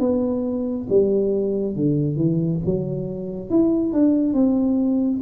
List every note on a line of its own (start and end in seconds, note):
0.00 0.87 B3
0.89 1.76 G3
1.76 2.17 D3
2.17 2.60 E3
2.66 3.51 F#3
3.51 3.93 E4
3.93 4.34 D4
4.34 5.21 C4